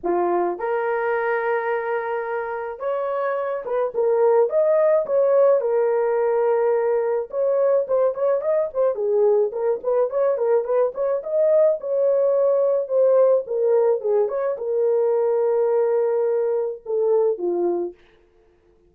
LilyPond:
\new Staff \with { instrumentName = "horn" } { \time 4/4 \tempo 4 = 107 f'4 ais'2.~ | ais'4 cis''4. b'8 ais'4 | dis''4 cis''4 ais'2~ | ais'4 cis''4 c''8 cis''8 dis''8 c''8 |
gis'4 ais'8 b'8 cis''8 ais'8 b'8 cis''8 | dis''4 cis''2 c''4 | ais'4 gis'8 cis''8 ais'2~ | ais'2 a'4 f'4 | }